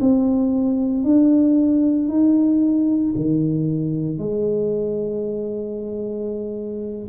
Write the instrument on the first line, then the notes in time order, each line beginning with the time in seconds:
tuba
0.00 C4
1.04 D4
2.08 D#4
3.15 D#3
4.18 G#3